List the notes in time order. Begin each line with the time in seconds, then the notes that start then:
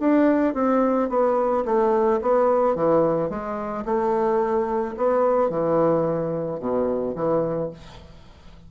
0.00 D4
0.55 C4
1.10 B3
1.66 A3
2.22 B3
2.75 E3
3.30 G#3
3.86 A3
4.97 B3
5.50 E3
6.60 B2
7.16 E3